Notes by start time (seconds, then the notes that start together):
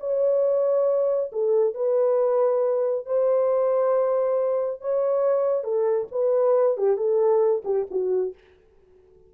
0.00 C#5
1.33 A4
1.75 B4
3.06 C5
4.81 C#5
5.64 A4
6.12 B4
6.78 G4
6.97 A4
7.65 G4
7.91 F#4